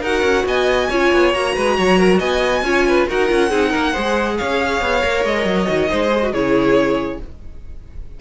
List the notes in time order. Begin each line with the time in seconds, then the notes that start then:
0.00 D#4 F#4 A#4 F#5
0.22 C#4
0.45 B3 D#5 G#5
0.89 C#4 F4 C#5
1.13 B3
1.33 A#3 F#4 A#5
1.54 G#3 B4
1.77 F#3 C#5
1.98 A#4
2.18 B3 D#5 G#5
2.62 C#4 F4 C#5
2.87 B4
3.07 D#4 F#4 A#4 F#5
3.28 C#4 F4
3.49 C4 D#4 G#4
3.69 A#3 A#4
3.91 G#3 G#4 C5
4.37 C#4 C#5 F5
4.81 B3
5.02 A#3 A#4
5.24 G#3 D#5
5.45 F#3
5.66 D#3 F#4
5.89 G#3 D#4 C5
6.09 G#4
6.22 F#4
6.31 C#3 E4 G#4 C#5